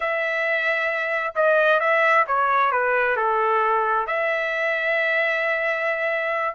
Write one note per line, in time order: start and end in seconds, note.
0.00 1.34 E5
1.35 1.80 D#5
1.80 2.25 E5
2.27 2.71 C#5
2.71 3.16 B4
3.16 4.06 A4
4.07 6.55 E5